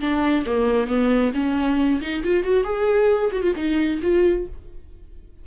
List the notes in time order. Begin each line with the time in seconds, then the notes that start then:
0.00 D4
0.45 A#3
0.87 B3
1.34 C#4
2.01 D#4
2.23 F4
2.43 F#4
2.64 G#4
3.32 F#4
3.42 F4
3.56 D#4
4.02 F4